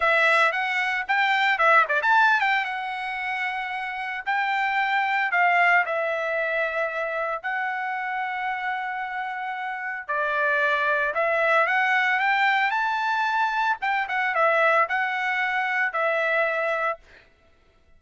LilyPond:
\new Staff \with { instrumentName = "trumpet" } { \time 4/4 \tempo 4 = 113 e''4 fis''4 g''4 e''8 d''16 a''16~ | a''8 g''8 fis''2. | g''2 f''4 e''4~ | e''2 fis''2~ |
fis''2. d''4~ | d''4 e''4 fis''4 g''4 | a''2 g''8 fis''8 e''4 | fis''2 e''2 | }